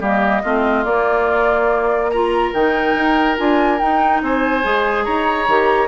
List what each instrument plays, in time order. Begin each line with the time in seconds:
0.00 bassoon G3, clarinet A#3, oboe G4, flute D#5
0.43 bassoon A3, clarinet C4, oboe F4
0.85 bassoon A#3, clarinet A#3, flute D5
2.10 clarinet F4, oboe A#4, flute A#5
2.53 bassoon D#3, clarinet D#4, flute G5
2.95 bassoon D#4
3.37 bassoon D4, clarinet F4, flute G#5
3.78 clarinet D#4, bassoon D#4, flute G5
4.22 bassoon C4, oboe C5, flute G#5
4.63 bassoon G#3, clarinet G#4
5.04 bassoon D#4, oboe C#5, flute A#5
5.48 bassoon D#3, clarinet G4